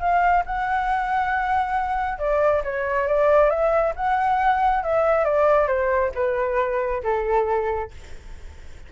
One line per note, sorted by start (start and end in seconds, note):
0.00 0.44 F5
0.46 2.19 F#5
2.19 2.63 D5
2.64 3.08 C#5
3.08 3.50 D5
3.50 3.94 E5
3.96 4.84 F#5
4.84 5.25 E5
5.25 5.68 D5
5.68 6.12 C5
6.15 7.03 B4
7.04 7.91 A4